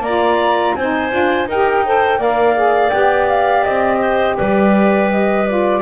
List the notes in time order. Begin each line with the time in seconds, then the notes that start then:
0.00 A#3 F4 D5 A#5
0.75 C4 D#4 C5 G#5
1.11 D4 F4
1.46 D#4 A#4 G5
1.52 G4
1.84 A4 C5
2.18 A#3 A#4 D5 F5
2.55 G#4
2.89 B3 G4 G5
3.29 F5
3.64 C4 D#5
3.99 C5
4.37 G3 B4 D5
5.11 D#5
5.47 F4 D5